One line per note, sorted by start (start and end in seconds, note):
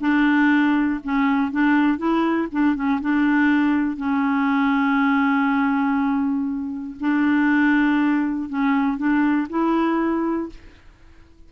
0.00 1.00 D4
1.04 1.51 C#4
1.51 1.97 D4
1.97 2.48 E4
2.52 2.75 D4
2.75 3.00 C#4
3.01 3.97 D4
3.97 6.97 C#4
7.00 8.49 D4
8.49 8.97 C#4
8.97 9.47 D4
9.49 10.49 E4